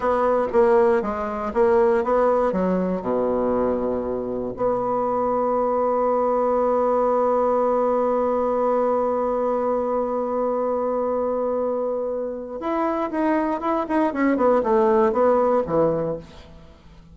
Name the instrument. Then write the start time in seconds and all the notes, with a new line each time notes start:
bassoon
0.00 B3
0.52 A#3
1.02 G#3
1.53 A#3
2.04 B3
2.52 F#3
3.01 B2
4.56 B3
12.59 E4
13.10 D#4
13.60 E4
13.88 D#4
14.13 C#4
14.37 B3
14.63 A3
15.12 B3
15.66 E3